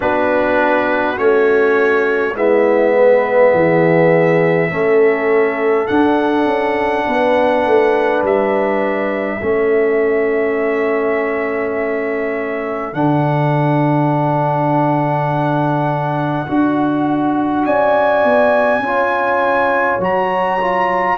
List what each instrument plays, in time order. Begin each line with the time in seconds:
0.00 tuba B3, trombone D4, horn F#4, trumpet B4
1.16 tuba A3, trombone C#4, trumpet C#5
2.33 tuba G#3, trombone B3, horn E4, trumpet E5
2.94 horn B4
3.53 tuba E3, horn G#4
4.70 tuba A3, trombone C#4, horn A4
5.87 trombone D4, tuba D4, trumpet F#5
6.45 tuba C#4
7.06 tuba B3, horn B4
7.66 tuba A3
8.22 tuba G3, trumpet E5
9.39 tuba A3, trombone C#4, horn A4
12.93 tuba D3, trombone D4, trumpet F#5
16.47 tuba D4, trombone F#4
17.65 tuba C#4, horn D5, trumpet G#5
18.24 tuba B3
18.78 tuba C#4, trombone F4
18.85 horn C#5
19.99 tuba F#3, trombone F#4, trumpet A#5
20.61 trombone F4